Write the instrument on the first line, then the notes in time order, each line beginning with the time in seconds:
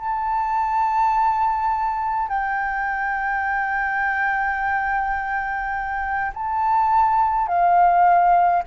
flute
0.00 A5
2.29 G5
6.34 A5
7.48 F5